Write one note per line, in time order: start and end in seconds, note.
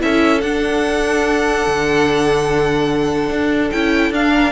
0.00 0.43 C#4
0.00 0.41 E4
0.00 4.33 A4
0.00 0.41 E5
0.41 1.66 D4
0.41 3.74 D4
0.41 3.70 F#5
1.67 3.30 D3
3.30 3.71 D4
3.72 4.10 C#4
3.72 4.13 E4
3.72 4.13 G5
4.10 4.52 D4
4.10 4.52 F5
4.33 4.52 A#4